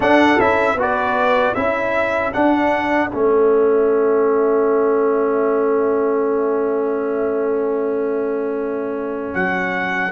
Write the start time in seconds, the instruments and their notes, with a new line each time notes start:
0.00 trombone D4, tuba D4, horn A4, trumpet F#5
0.39 tuba C#4, trombone E4, trumpet E5
0.74 tuba B3, trombone F#4
0.81 horn B4, trumpet D5
1.54 tuba C#4, trombone E4, horn A4, trumpet E5
2.33 trombone D4, tuba D4, trumpet F#5
3.10 tuba A3, trombone C#4, trumpet E5
9.34 tuba F#3, trumpet F#5